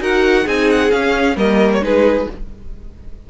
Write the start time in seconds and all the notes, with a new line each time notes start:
0.00 D#4 F#4 A#4 F#5
0.44 C4 D#4 G#4 G#5
0.70 F#5
0.91 C#4 F5
1.36 G3 A#3 A#4 D#5
1.73 C#5
1.81 G#3 D#4 G#4 B4